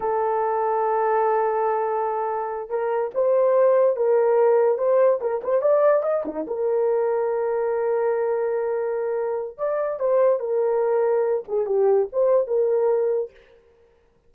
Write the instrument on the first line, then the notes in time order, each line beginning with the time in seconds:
horn
0.00 A4
2.69 A#4
3.14 C5
3.96 A#4
4.78 C5
5.20 A#4
5.43 C5
5.61 D5
6.02 D#5
6.25 D#4
6.47 A#4
9.57 D5
9.99 C5
10.39 A#4
11.48 G#4
11.66 G4
12.12 C5
12.47 A#4